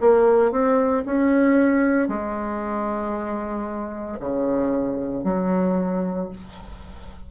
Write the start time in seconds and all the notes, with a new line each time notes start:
0.00 A#3
0.51 C4
1.05 C#4
2.08 G#3
4.20 C#3
5.23 F#3